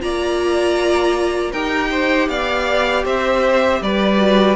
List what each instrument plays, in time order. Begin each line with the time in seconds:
0.00 cello A#3, viola F4, violin D5 A#5
1.51 cello D#4, viola G4, violin A#4 G5
1.91 violin C5
2.28 cello B3, violin D5 F5
3.04 cello C4, violin C5 E5
3.81 cello G3, violin B4 D5
4.17 viola F#4